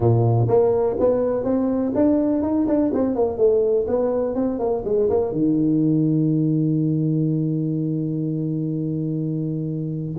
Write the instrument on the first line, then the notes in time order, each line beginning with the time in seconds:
tuba
0.00 A#2
0.48 A#3
0.99 B3
1.44 C4
1.94 D4
2.42 D#4
2.67 D4
2.93 C4
3.15 A#3
3.37 A3
3.87 B3
4.34 C4
4.59 A#3
4.85 G#3
5.09 A#3
5.32 D#3